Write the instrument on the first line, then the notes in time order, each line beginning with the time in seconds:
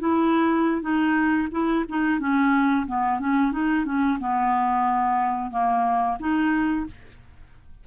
clarinet
0.00 E4
0.82 D#4
1.52 E4
1.89 D#4
2.20 C#4
2.87 B3
3.20 C#4
3.52 D#4
3.85 C#4
4.20 B3
5.51 A#3
6.20 D#4